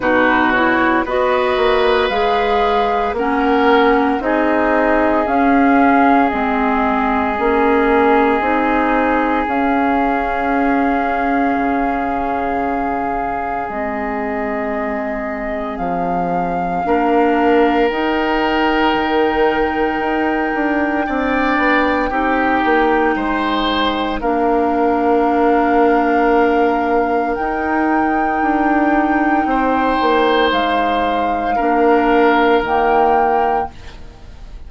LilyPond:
<<
  \new Staff \with { instrumentName = "flute" } { \time 4/4 \tempo 4 = 57 b'8 cis''8 dis''4 f''4 fis''4 | dis''4 f''4 dis''2~ | dis''4 f''2.~ | f''4 dis''2 f''4~ |
f''4 g''2.~ | g''2. f''4~ | f''2 g''2~ | g''4 f''2 g''4 | }
  \new Staff \with { instrumentName = "oboe" } { \time 4/4 fis'4 b'2 ais'4 | gis'1~ | gis'1~ | gis'1 |
ais'1 | d''4 g'4 c''4 ais'4~ | ais'1 | c''2 ais'2 | }
  \new Staff \with { instrumentName = "clarinet" } { \time 4/4 dis'8 e'8 fis'4 gis'4 cis'4 | dis'4 cis'4 c'4 cis'4 | dis'4 cis'2.~ | cis'4 c'2. |
d'4 dis'2. | d'4 dis'2 d'4~ | d'2 dis'2~ | dis'2 d'4 ais4 | }
  \new Staff \with { instrumentName = "bassoon" } { \time 4/4 b,4 b8 ais8 gis4 ais4 | c'4 cis'4 gis4 ais4 | c'4 cis'2 cis4~ | cis4 gis2 f4 |
ais4 dis'4 dis4 dis'8 d'8 | c'8 b8 c'8 ais8 gis4 ais4~ | ais2 dis'4 d'4 | c'8 ais8 gis4 ais4 dis4 | }
>>